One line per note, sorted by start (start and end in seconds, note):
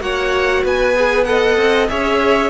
0.00 0.62 A#3
0.00 0.94 F#4
0.00 0.63 C#5
0.00 0.64 F#5
0.63 1.57 B3
0.63 1.26 B4
0.63 1.24 G#5
0.96 1.26 G#4
1.24 1.88 A4
1.24 1.90 D#5
1.24 1.87 F#5
1.57 1.88 C4
1.89 2.50 C#4
1.89 2.50 G#4
1.89 2.50 C#5
1.89 2.50 E5